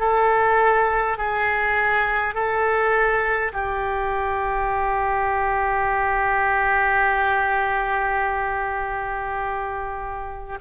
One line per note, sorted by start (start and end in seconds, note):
0.00 1.18 A4
1.18 2.35 G#4
2.35 3.52 A4
3.53 10.59 G4